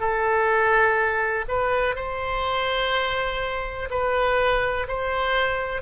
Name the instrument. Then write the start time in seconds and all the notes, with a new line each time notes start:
oboe
0.00 A4
1.49 B4
1.96 C5
3.91 B4
4.88 C5